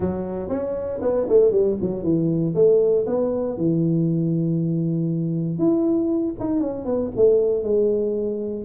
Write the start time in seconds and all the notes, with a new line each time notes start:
0.00 F#3
0.49 C#4
1.01 B3
1.29 A3
1.51 G3
1.81 F#3
2.03 E3
2.54 A3
3.06 B3
3.57 E3
5.58 E4
6.39 D#4
6.60 C#4
6.85 B3
7.16 A3
7.63 G#3